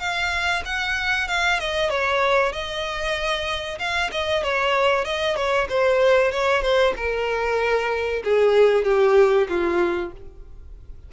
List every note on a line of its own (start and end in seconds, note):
0.00 0.63 F5
0.66 1.29 F#5
1.29 1.60 F5
1.60 1.90 D#5
1.90 2.53 C#5
2.53 3.79 D#5
3.80 4.11 F5
4.12 4.44 D#5
4.44 5.05 C#5
5.05 5.37 D#5
5.37 5.68 C#5
5.70 6.32 C5
6.32 6.63 C#5
6.63 6.94 C5
6.97 8.23 A#4
8.24 8.85 G#4
8.85 9.48 G4
9.49 10.13 F4